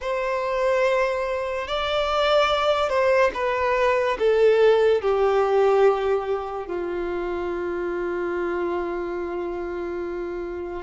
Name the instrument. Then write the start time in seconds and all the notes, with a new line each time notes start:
violin
0.01 C5
1.67 D5
2.89 C5
3.34 B4
4.19 A4
5.01 G4
6.67 F4